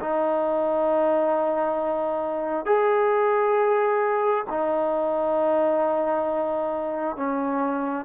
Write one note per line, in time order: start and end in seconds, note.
0.00 2.65 D#4
2.65 4.45 G#4
4.49 7.16 D#4
7.16 8.05 C#4